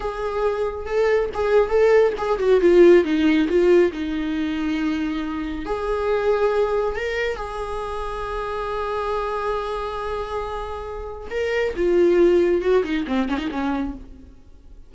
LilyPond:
\new Staff \with { instrumentName = "viola" } { \time 4/4 \tempo 4 = 138 gis'2 a'4 gis'4 | a'4 gis'8 fis'8 f'4 dis'4 | f'4 dis'2.~ | dis'4 gis'2. |
ais'4 gis'2.~ | gis'1~ | gis'2 ais'4 f'4~ | f'4 fis'8 dis'8 c'8 cis'16 dis'16 cis'4 | }